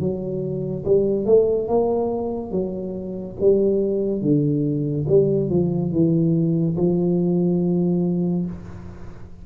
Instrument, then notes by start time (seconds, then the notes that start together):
tuba
0.00 F#3
0.85 G3
1.26 A3
1.68 A#3
2.51 F#3
3.40 G3
4.22 D3
5.09 G3
5.50 F3
5.92 E3
6.77 F3